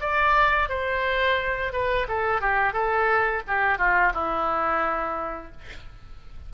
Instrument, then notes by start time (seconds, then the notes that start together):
oboe
0.00 D5
0.69 C5
1.72 B4
2.08 A4
2.41 G4
2.73 A4
3.47 G4
3.78 F4
4.13 E4